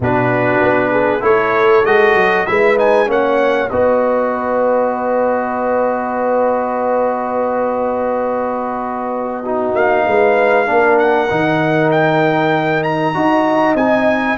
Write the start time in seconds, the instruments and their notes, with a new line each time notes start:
0.00 tuba B2, trombone D4, horn F#4, trumpet B4
0.61 tuba B3
0.91 horn G#4
1.20 tuba A3, trombone E4, horn A4, trumpet C#5
1.84 tuba G#3, trombone F#4, trumpet D#5
2.15 tuba F#3
2.45 tuba G#3, trombone E4, horn B4, trumpet E5
2.77 trombone D#4, trumpet G#5
3.06 tuba A#3, trombone C#4, horn C#5, trumpet F#5
3.69 tuba B3, trombone F#4, horn B4, trumpet D#5
9.42 trombone D#4, horn F#4
9.74 tuba A#3, trumpet F5
10.06 tuba G#3, horn B4
10.65 tuba A#3, trombone D4, horn A#4
10.98 trumpet F#5
11.30 tuba D#3, trombone D#4
11.91 trumpet G5
12.83 trumpet A#5
13.14 tuba D#4, trombone F#4, horn D#5
13.74 tuba C4, trombone D#4, trumpet G#5